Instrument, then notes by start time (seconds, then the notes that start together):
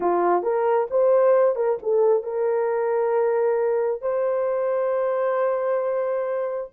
horn
0.00 F4
0.42 A#4
0.90 C5
1.55 A#4
1.82 A4
2.23 A#4
4.01 C5